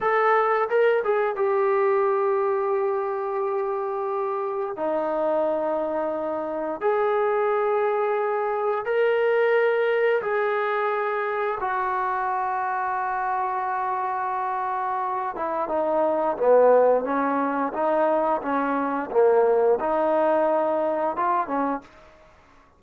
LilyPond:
\new Staff \with { instrumentName = "trombone" } { \time 4/4 \tempo 4 = 88 a'4 ais'8 gis'8 g'2~ | g'2. dis'4~ | dis'2 gis'2~ | gis'4 ais'2 gis'4~ |
gis'4 fis'2.~ | fis'2~ fis'8 e'8 dis'4 | b4 cis'4 dis'4 cis'4 | ais4 dis'2 f'8 cis'8 | }